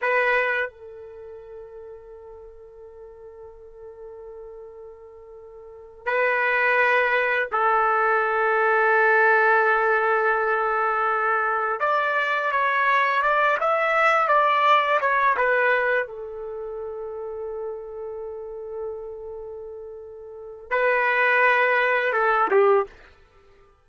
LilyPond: \new Staff \with { instrumentName = "trumpet" } { \time 4/4 \tempo 4 = 84 b'4 a'2.~ | a'1~ | a'8 b'2 a'4.~ | a'1~ |
a'8 d''4 cis''4 d''8 e''4 | d''4 cis''8 b'4 a'4.~ | a'1~ | a'4 b'2 a'8 g'8 | }